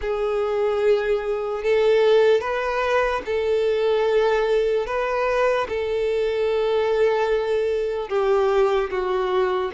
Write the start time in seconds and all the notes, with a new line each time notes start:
0.01 G#4
1.63 A4
2.40 B4
3.25 A4
4.86 B4
5.68 A4
8.09 G4
8.90 F#4